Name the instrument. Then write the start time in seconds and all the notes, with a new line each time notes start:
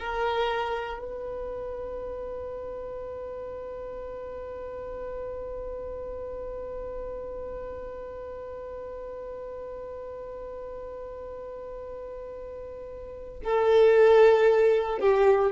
violin
0.00 A#4
0.99 B4
13.44 A4
15.00 G4